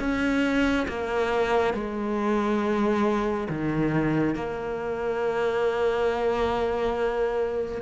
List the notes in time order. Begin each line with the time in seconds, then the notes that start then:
0.00 C#4
0.89 A#3
1.74 G#3
3.49 D#3
4.35 A#3